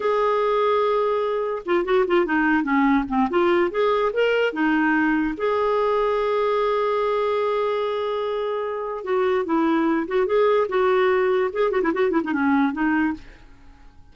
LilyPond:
\new Staff \with { instrumentName = "clarinet" } { \time 4/4 \tempo 4 = 146 gis'1 | f'8 fis'8 f'8 dis'4 cis'4 c'8 | f'4 gis'4 ais'4 dis'4~ | dis'4 gis'2.~ |
gis'1~ | gis'2 fis'4 e'4~ | e'8 fis'8 gis'4 fis'2 | gis'8 fis'16 e'16 fis'8 e'16 dis'16 cis'4 dis'4 | }